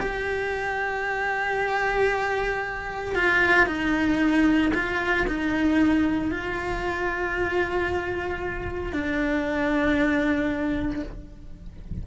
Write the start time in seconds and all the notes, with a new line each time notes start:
0.00 G4
3.16 F4
3.67 D#4
4.74 F4
5.28 D#4
6.32 F4
8.93 D4